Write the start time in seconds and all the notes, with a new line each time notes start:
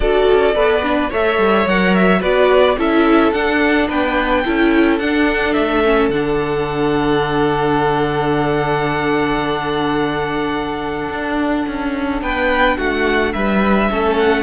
0.00 D4 F#4 A4 D5
0.31 C#4
0.54 B3 A4 B4
0.82 D4
1.09 A3 A4 C#5 E5
1.38 G3
1.66 F#3 A#4 F#5
1.94 E5
2.19 B3 F#4 B4 D5
2.77 C#4 E4 A4 E5
3.32 D4 F#5
3.87 B3 B4 G5
4.44 C#4 E4 A4
4.98 D4 F#5
5.53 A3 E5
5.84 C#4
6.08 D3 D4 F#5
11.09 D4
11.67 C#4
12.21 B3 B4 G5
12.77 A3 F#4 F#5
13.33 G3 B4 E5
13.90 A3 C#4 A4
14.17 F#5